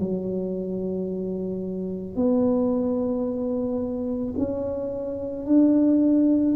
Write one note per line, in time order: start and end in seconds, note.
0.00 2.16 F#3
2.16 4.34 B3
4.38 5.46 C#4
5.46 6.56 D4